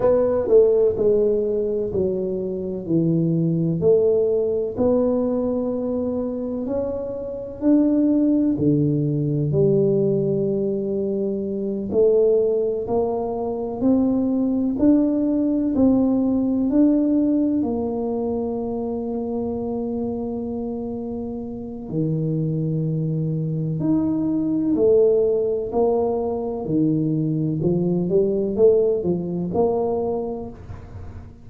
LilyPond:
\new Staff \with { instrumentName = "tuba" } { \time 4/4 \tempo 4 = 63 b8 a8 gis4 fis4 e4 | a4 b2 cis'4 | d'4 d4 g2~ | g8 a4 ais4 c'4 d'8~ |
d'8 c'4 d'4 ais4.~ | ais2. dis4~ | dis4 dis'4 a4 ais4 | dis4 f8 g8 a8 f8 ais4 | }